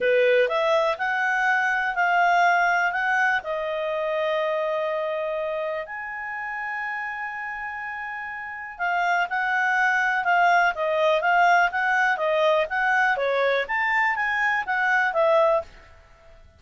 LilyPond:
\new Staff \with { instrumentName = "clarinet" } { \time 4/4 \tempo 4 = 123 b'4 e''4 fis''2 | f''2 fis''4 dis''4~ | dis''1 | gis''1~ |
gis''2 f''4 fis''4~ | fis''4 f''4 dis''4 f''4 | fis''4 dis''4 fis''4 cis''4 | a''4 gis''4 fis''4 e''4 | }